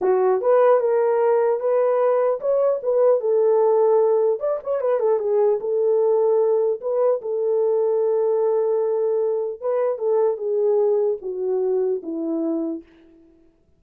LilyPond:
\new Staff \with { instrumentName = "horn" } { \time 4/4 \tempo 4 = 150 fis'4 b'4 ais'2 | b'2 cis''4 b'4 | a'2. d''8 cis''8 | b'8 a'8 gis'4 a'2~ |
a'4 b'4 a'2~ | a'1 | b'4 a'4 gis'2 | fis'2 e'2 | }